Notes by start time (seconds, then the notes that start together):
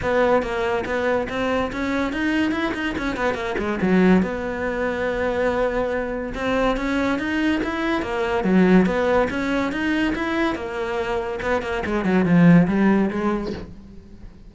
0.02 B3
0.42 A#3
0.85 B3
1.29 C4
1.72 C#4
2.12 D#4
2.51 E4
2.74 D#4
2.98 C#4
3.16 B3
3.34 A#3
3.58 G#3
3.81 F#3
4.22 B3
6.34 C4
6.76 C#4
7.19 D#4
7.63 E4
8.01 A#3
8.44 F#3
8.85 B3
9.30 C#4
9.71 D#4
10.15 E4
10.55 A#3
11.41 B3
11.62 A#3
11.85 G#3
12.04 F#3
12.25 F3
12.67 G3
13.10 G#3